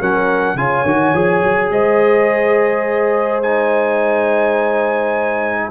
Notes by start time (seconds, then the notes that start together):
0.00 F#3 C#4 A#4 F#5
0.55 C#3 F4 C#5 G#5
0.85 D#3 F#4
1.14 F3 G#4
1.43 F#3
1.70 G#3 C5 D#5
3.43 D#4 G#5